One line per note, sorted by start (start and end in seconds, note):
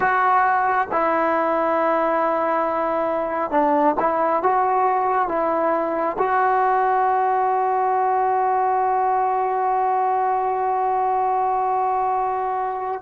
0.00 0.88 F#4
0.91 3.51 E4
3.51 3.95 D4
3.99 4.42 E4
4.42 5.28 F#4
5.28 6.16 E4
6.18 13.01 F#4